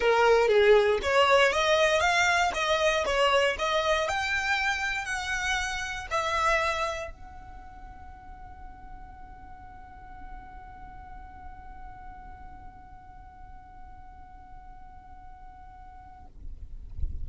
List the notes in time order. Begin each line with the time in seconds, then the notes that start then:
0.00 A#4
0.48 G#4
1.02 C#5
1.52 D#5
2.00 F5
2.54 D#5
3.05 C#5
3.58 D#5
4.08 G5
5.05 F#5
6.10 E5
7.10 F#5